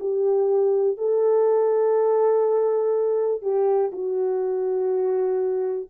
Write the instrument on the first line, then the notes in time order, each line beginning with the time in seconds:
horn
0.00 G4
0.97 A4
3.42 G4
3.93 F#4